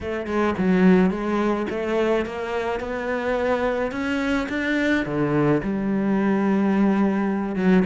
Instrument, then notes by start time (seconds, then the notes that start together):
cello
0.00 A3
0.26 G#3
0.58 F#3
1.10 G#3
1.70 A3
2.25 A#3
2.79 B3
3.91 C#4
4.49 D4
5.05 D3
5.63 G3
7.55 F#3